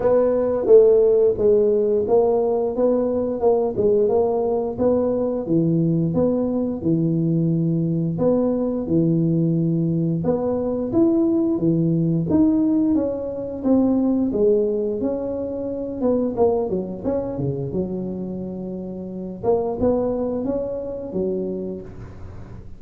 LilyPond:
\new Staff \with { instrumentName = "tuba" } { \time 4/4 \tempo 4 = 88 b4 a4 gis4 ais4 | b4 ais8 gis8 ais4 b4 | e4 b4 e2 | b4 e2 b4 |
e'4 e4 dis'4 cis'4 | c'4 gis4 cis'4. b8 | ais8 fis8 cis'8 cis8 fis2~ | fis8 ais8 b4 cis'4 fis4 | }